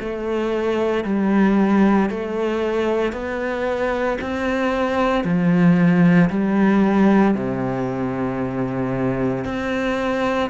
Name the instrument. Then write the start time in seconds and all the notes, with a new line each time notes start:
cello
0.00 A3
1.04 G3
2.10 A3
3.12 B3
4.21 C4
5.24 F3
6.30 G3
7.34 C3
9.44 C4